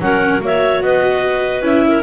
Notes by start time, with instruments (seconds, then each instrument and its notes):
0.00 double bass F#3, viola C#4, clarinet A#4 F#5
0.40 double bass A#3, viola F#4, clarinet C#5 E5
0.81 double bass B3, clarinet B4 D#5
1.61 double bass C#4, viola E4, clarinet E5
1.87 clarinet A#4